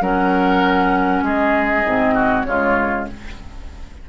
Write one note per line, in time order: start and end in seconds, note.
0.00 1.21 F#3
0.00 1.84 C#4
0.00 1.23 A#4
0.00 1.24 F#5
1.21 1.83 G#3
1.21 2.14 G#4
1.21 2.43 D#5
1.85 2.46 G#2
1.85 2.46 C4
2.14 2.45 F#4
2.43 3.08 C#3
2.43 3.07 G#3
2.43 3.09 F4
2.43 3.04 C#5